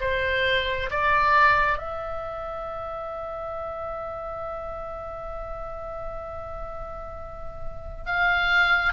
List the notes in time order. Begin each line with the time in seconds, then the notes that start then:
0.00 C5
0.90 D5
1.77 E5
8.06 F5